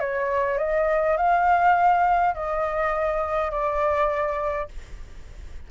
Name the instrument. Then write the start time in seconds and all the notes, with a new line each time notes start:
flute
0.00 C#5
0.58 D#5
1.17 F5
2.35 D#5
3.51 D5